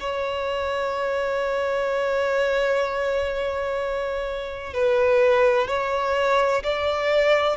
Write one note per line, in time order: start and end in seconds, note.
0.00 4.74 C#5
4.74 5.68 B4
5.68 6.63 C#5
6.63 7.57 D5